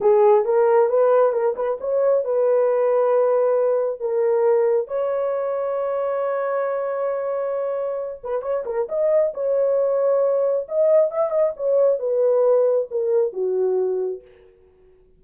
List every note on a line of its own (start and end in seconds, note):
0.00 0.44 G#4
0.44 0.89 A#4
0.89 1.32 B4
1.32 1.54 A#4
1.56 1.78 B4
1.80 2.24 C#5
2.24 4.00 B4
4.00 4.87 A#4
4.87 8.20 C#5
8.23 8.41 B4
8.41 8.64 C#5
8.65 8.88 A#4
8.88 9.33 D#5
9.34 10.67 C#5
10.68 11.10 D#5
11.10 11.30 E5
11.30 11.52 D#5
11.56 11.99 C#5
11.99 12.88 B4
12.90 13.33 A#4
13.33 14.21 F#4